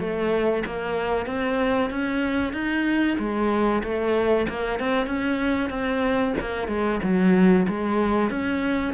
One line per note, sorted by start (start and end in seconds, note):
0.00 0.64 A3
0.66 1.27 A#3
1.27 1.91 C4
1.91 2.54 C#4
2.54 3.17 D#4
3.19 3.83 G#3
3.84 4.47 A3
4.49 4.80 A#3
4.80 5.07 C4
5.07 5.70 C#4
5.70 6.34 C4
6.41 6.68 A#3
6.68 7.00 G#3
7.03 7.67 F#3
7.69 8.30 G#3
8.30 8.94 C#4